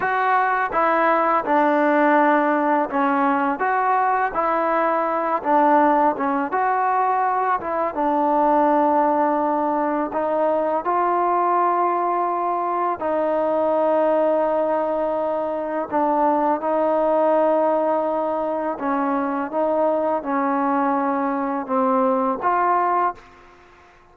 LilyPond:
\new Staff \with { instrumentName = "trombone" } { \time 4/4 \tempo 4 = 83 fis'4 e'4 d'2 | cis'4 fis'4 e'4. d'8~ | d'8 cis'8 fis'4. e'8 d'4~ | d'2 dis'4 f'4~ |
f'2 dis'2~ | dis'2 d'4 dis'4~ | dis'2 cis'4 dis'4 | cis'2 c'4 f'4 | }